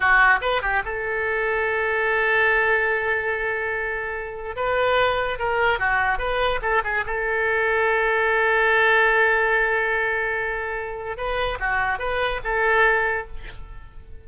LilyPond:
\new Staff \with { instrumentName = "oboe" } { \time 4/4 \tempo 4 = 145 fis'4 b'8 g'8 a'2~ | a'1~ | a'2. b'4~ | b'4 ais'4 fis'4 b'4 |
a'8 gis'8 a'2.~ | a'1~ | a'2. b'4 | fis'4 b'4 a'2 | }